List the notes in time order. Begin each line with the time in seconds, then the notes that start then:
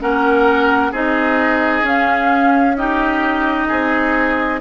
0.00 A#3 C#4 A#4 F#5
0.91 C4 D#4 G#4 D#5
1.82 C#4 F5
2.76 D#4 G4 D#5
3.68 C4 G#4